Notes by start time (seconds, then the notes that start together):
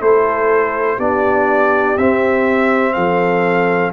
0.00 A3 E4 A4 C5
0.97 B3 D4 G4 D5
1.97 C4 E5
2.93 F3 A4 F5